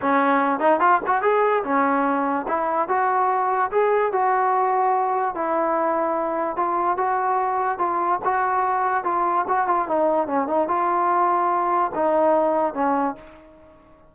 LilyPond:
\new Staff \with { instrumentName = "trombone" } { \time 4/4 \tempo 4 = 146 cis'4. dis'8 f'8 fis'8 gis'4 | cis'2 e'4 fis'4~ | fis'4 gis'4 fis'2~ | fis'4 e'2. |
f'4 fis'2 f'4 | fis'2 f'4 fis'8 f'8 | dis'4 cis'8 dis'8 f'2~ | f'4 dis'2 cis'4 | }